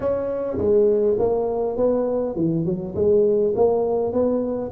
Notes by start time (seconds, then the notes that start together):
0.00 C#4
0.57 G#3
1.18 A#3
1.76 B3
2.35 E3
2.65 F#3
2.95 G#3
3.55 A#3
4.12 B3